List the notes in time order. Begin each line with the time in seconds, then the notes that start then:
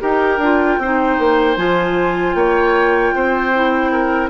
0.00 D#4 G4 A#4 G5
0.38 D4 F4
0.78 C4 D#4 C5
1.18 A#3
1.56 F3 F4 G#5
2.34 A#3 C#5 G5
3.15 C4 C5
3.54 E4
3.92 A#4